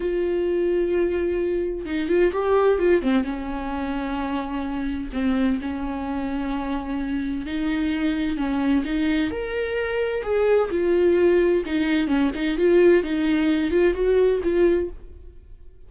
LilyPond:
\new Staff \with { instrumentName = "viola" } { \time 4/4 \tempo 4 = 129 f'1 | dis'8 f'8 g'4 f'8 c'8 cis'4~ | cis'2. c'4 | cis'1 |
dis'2 cis'4 dis'4 | ais'2 gis'4 f'4~ | f'4 dis'4 cis'8 dis'8 f'4 | dis'4. f'8 fis'4 f'4 | }